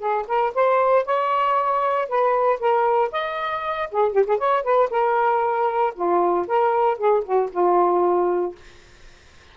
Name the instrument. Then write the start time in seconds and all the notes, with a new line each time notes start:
saxophone
0.00 G#4
0.28 A#4
0.55 C5
1.06 C#5
2.09 B4
2.60 A#4
3.12 D#5
3.92 G#4
4.13 G4
4.27 G#4
4.38 C#5
4.64 B4
4.91 A#4
5.95 F4
6.48 A#4
6.98 G#4
7.25 F#4
7.52 F4